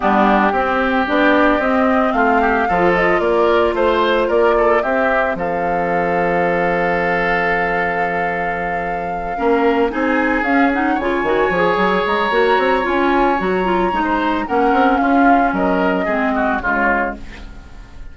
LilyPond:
<<
  \new Staff \with { instrumentName = "flute" } { \time 4/4 \tempo 4 = 112 g'2 d''4 dis''4 | f''4. dis''8 d''4 c''4 | d''4 e''4 f''2~ | f''1~ |
f''2~ f''8 gis''4 f''8 | fis''8 gis''2 ais''4. | gis''4 ais''2 fis''4 | f''4 dis''2 cis''4 | }
  \new Staff \with { instrumentName = "oboe" } { \time 4/4 d'4 g'2. | f'8 g'8 a'4 ais'4 c''4 | ais'8 a'8 g'4 a'2~ | a'1~ |
a'4. ais'4 gis'4.~ | gis'8 cis''2.~ cis''8~ | cis''2~ cis''16 c''8. ais'4 | f'4 ais'4 gis'8 fis'8 f'4 | }
  \new Staff \with { instrumentName = "clarinet" } { \time 4/4 b4 c'4 d'4 c'4~ | c'4 f'2.~ | f'4 c'2.~ | c'1~ |
c'4. cis'4 dis'4 cis'8 | dis'8 f'8 fis'8 gis'4. fis'4 | f'4 fis'8 f'8 dis'4 cis'4~ | cis'2 c'4 gis4 | }
  \new Staff \with { instrumentName = "bassoon" } { \time 4/4 g4 c'4 b4 c'4 | a4 f4 ais4 a4 | ais4 c'4 f2~ | f1~ |
f4. ais4 c'4 cis'8~ | cis'8 cis8 dis8 f8 fis8 gis8 ais8 c'8 | cis'4 fis4 gis4 ais8 c'8 | cis'4 fis4 gis4 cis4 | }
>>